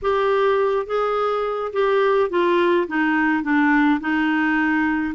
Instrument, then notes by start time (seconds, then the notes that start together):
clarinet
0.02 G4
0.86 G#4
1.72 G4
2.30 F4
2.87 D#4
3.43 D4
4.00 D#4